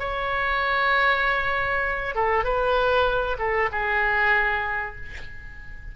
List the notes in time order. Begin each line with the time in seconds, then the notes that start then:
0.00 C#5
2.15 A4
2.45 B4
3.39 A4
3.72 G#4